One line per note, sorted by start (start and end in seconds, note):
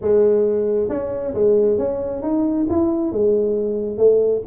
0.01 0.89 G#3
0.89 1.33 C#4
1.34 1.78 G#3
1.78 2.22 C#4
2.22 2.66 D#4
2.69 3.12 E4
3.12 3.97 G#3
3.97 4.42 A3